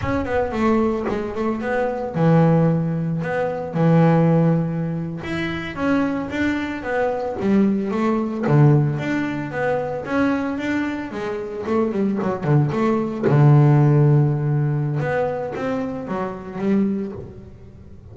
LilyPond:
\new Staff \with { instrumentName = "double bass" } { \time 4/4 \tempo 4 = 112 cis'8 b8 a4 gis8 a8 b4 | e2 b4 e4~ | e4.~ e16 e'4 cis'4 d'16~ | d'8. b4 g4 a4 d16~ |
d8. d'4 b4 cis'4 d'16~ | d'8. gis4 a8 g8 fis8 d8 a16~ | a8. d2.~ d16 | b4 c'4 fis4 g4 | }